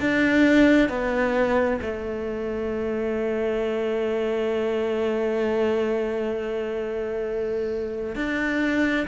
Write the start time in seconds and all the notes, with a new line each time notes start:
0.00 D4
0.89 B3
1.81 A3
8.15 D4